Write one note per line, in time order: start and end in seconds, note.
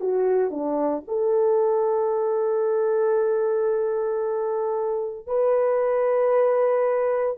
0.00 0.50 F#4
0.50 1.03 D4
1.07 5.27 A4
5.27 7.37 B4